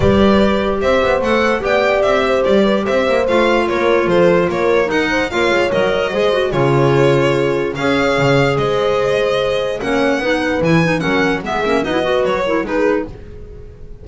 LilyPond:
<<
  \new Staff \with { instrumentName = "violin" } { \time 4/4 \tempo 4 = 147 d''2 e''4 fis''4 | g''4 e''4 d''4 e''4 | f''4 cis''4 c''4 cis''4 | fis''4 f''4 dis''2 |
cis''2. f''4~ | f''4 dis''2. | fis''2 gis''4 fis''4 | e''4 dis''4 cis''4 b'4 | }
  \new Staff \with { instrumentName = "horn" } { \time 4/4 b'2 c''2 | d''4. c''4 b'8 c''4~ | c''4 ais'4 a'4 ais'4~ | ais'8 c''8 cis''2 c''4 |
gis'2. cis''4~ | cis''4 c''2. | cis''4 b'2 ais'4 | gis'4 fis'8 b'4 ais'8 gis'4 | }
  \new Staff \with { instrumentName = "clarinet" } { \time 4/4 g'2. a'4 | g'1 | f'1 | dis'4 f'4 ais'4 gis'8 fis'8 |
f'2. gis'4~ | gis'1 | cis'4 dis'4 e'8 dis'8 cis'4 | b8 cis'8 dis'16 e'16 fis'4 e'8 dis'4 | }
  \new Staff \with { instrumentName = "double bass" } { \time 4/4 g2 c'8 b8 a4 | b4 c'4 g4 c'8 ais8 | a4 ais4 f4 ais4 | dis'4 ais8 gis8 fis4 gis4 |
cis2. cis'4 | cis4 gis2. | ais4 b4 e4 fis4 | gis8 ais8 b4 fis4 gis4 | }
>>